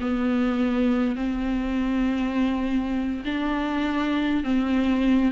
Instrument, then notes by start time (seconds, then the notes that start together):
viola
0.00 B3
1.16 C4
3.25 D4
4.43 C4